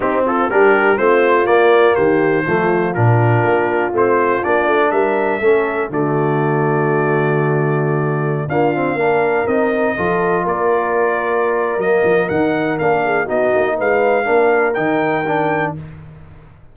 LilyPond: <<
  \new Staff \with { instrumentName = "trumpet" } { \time 4/4 \tempo 4 = 122 g'8 a'8 ais'4 c''4 d''4 | c''2 ais'2 | c''4 d''4 e''2 | d''1~ |
d''4~ d''16 f''2 dis''8.~ | dis''4~ dis''16 d''2~ d''8. | dis''4 fis''4 f''4 dis''4 | f''2 g''2 | }
  \new Staff \with { instrumentName = "horn" } { \time 4/4 dis'8 f'8 g'4 f'2 | g'4 f'2.~ | f'2 ais'4 a'4 | fis'1~ |
fis'4~ fis'16 f'4 ais'4.~ ais'16~ | ais'16 a'4 ais'2~ ais'8.~ | ais'2~ ais'8 gis'8 fis'4 | b'4 ais'2. | }
  \new Staff \with { instrumentName = "trombone" } { \time 4/4 c'4 d'4 c'4 ais4~ | ais4 a4 d'2 | c'4 d'2 cis'4 | a1~ |
a4~ a16 ais8 c'8 d'4 dis'8.~ | dis'16 f'2.~ f'8. | ais4 dis'4 d'4 dis'4~ | dis'4 d'4 dis'4 d'4 | }
  \new Staff \with { instrumentName = "tuba" } { \time 4/4 c'4 g4 a4 ais4 | dis4 f4 ais,4 ais4 | a4 ais8 a8 g4 a4 | d1~ |
d4~ d16 d'4 ais4 c'8.~ | c'16 f4 ais2~ ais8. | fis8 f8 dis4 ais4 b8 ais8 | gis4 ais4 dis2 | }
>>